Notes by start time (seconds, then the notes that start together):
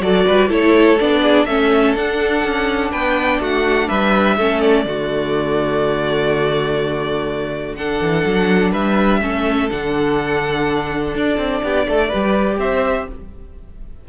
0.00 F#3 F#4 A4 D5
0.26 G3 B4
0.48 A3 E4 A4 C#5
0.99 B3 D4 D5
1.22 G#4
1.45 A3 C#4 A4 E5
1.95 D4 F#5
2.44 C#4
2.91 B3 B4 G5
3.39 A3 F#4 F#5
3.88 G3 B4 E5
4.37 A3 C#4 A4
4.60 D5
4.85 D3 A3 F#4
7.76 D4 A4 F#5
8.00 E3
8.25 F#3
8.72 G3 B4 E5
9.21 A3 C#4 A4
9.70 D3 D4 F#5
11.15 D4 D5
11.37 C4
11.63 B3 G4
11.87 A3 A4
12.08 G4 B4
12.14 G3
12.58 C4 C5 E5